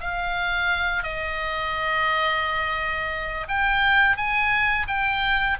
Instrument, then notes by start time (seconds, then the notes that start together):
oboe
0.00 F5
1.03 D#5
3.48 G5
4.16 G#5
4.87 G5